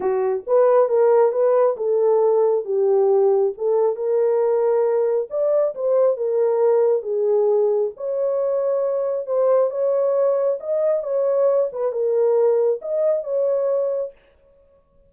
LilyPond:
\new Staff \with { instrumentName = "horn" } { \time 4/4 \tempo 4 = 136 fis'4 b'4 ais'4 b'4 | a'2 g'2 | a'4 ais'2. | d''4 c''4 ais'2 |
gis'2 cis''2~ | cis''4 c''4 cis''2 | dis''4 cis''4. b'8 ais'4~ | ais'4 dis''4 cis''2 | }